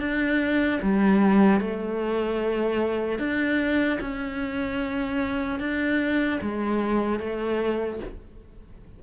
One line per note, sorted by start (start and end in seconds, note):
0.00 0.80 D4
0.82 1.61 G3
1.61 3.19 A3
3.19 3.99 D4
4.01 5.60 C#4
5.60 6.40 D4
6.42 7.20 G#3
7.20 8.00 A3